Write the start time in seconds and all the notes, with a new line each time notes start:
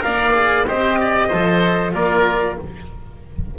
0.00 A#3 A#4 D5 F5
0.33 G#4
0.67 C4 G4 C5 D#5
1.01 D5
1.28 F3 A4 C5
1.93 A#3 F4 A#4 D5